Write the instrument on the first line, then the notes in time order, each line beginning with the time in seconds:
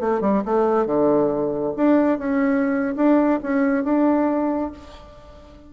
bassoon
0.00 A3
0.21 G3
0.45 A3
0.86 D3
1.77 D4
2.18 C#4
2.96 D4
3.43 C#4
3.84 D4